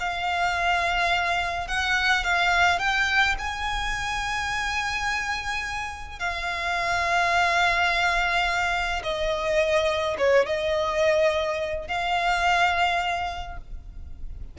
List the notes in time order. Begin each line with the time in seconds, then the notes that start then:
0.00 F5
1.68 F#5
2.25 F5
2.79 G5
3.39 G#5
6.20 F5
9.04 D#5
10.19 C#5
10.47 D#5
11.88 F5